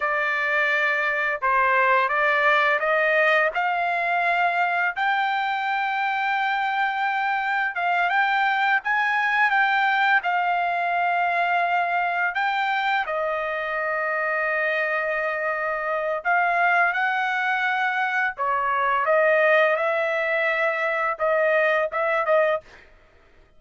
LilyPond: \new Staff \with { instrumentName = "trumpet" } { \time 4/4 \tempo 4 = 85 d''2 c''4 d''4 | dis''4 f''2 g''4~ | g''2. f''8 g''8~ | g''8 gis''4 g''4 f''4.~ |
f''4. g''4 dis''4.~ | dis''2. f''4 | fis''2 cis''4 dis''4 | e''2 dis''4 e''8 dis''8 | }